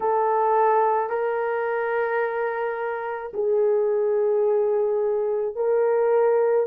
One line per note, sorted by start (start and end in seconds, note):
0.00 1.09 A4
1.09 3.31 A#4
3.33 5.55 G#4
5.55 6.66 A#4